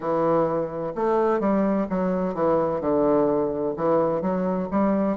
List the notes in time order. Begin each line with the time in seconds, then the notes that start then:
0.00 E3
0.95 A3
1.40 G3
1.89 F#3
2.34 E3
2.80 D3
3.76 E3
4.21 F#3
4.70 G3